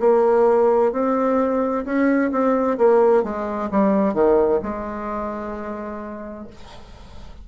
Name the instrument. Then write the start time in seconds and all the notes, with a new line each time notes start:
bassoon
0.00 A#3
0.92 C4
1.85 C#4
2.32 C4
2.78 A#3
3.23 G#3
3.71 G3
4.14 D#3
4.63 G#3